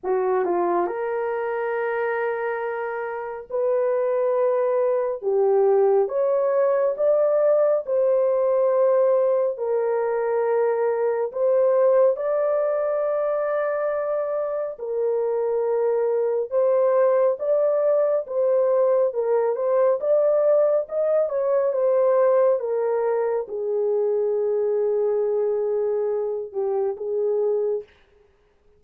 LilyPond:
\new Staff \with { instrumentName = "horn" } { \time 4/4 \tempo 4 = 69 fis'8 f'8 ais'2. | b'2 g'4 cis''4 | d''4 c''2 ais'4~ | ais'4 c''4 d''2~ |
d''4 ais'2 c''4 | d''4 c''4 ais'8 c''8 d''4 | dis''8 cis''8 c''4 ais'4 gis'4~ | gis'2~ gis'8 g'8 gis'4 | }